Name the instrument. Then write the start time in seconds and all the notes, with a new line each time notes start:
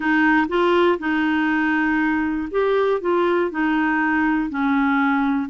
clarinet
0.00 D#4
0.48 F4
0.99 D#4
2.50 G4
3.00 F4
3.50 D#4
4.49 C#4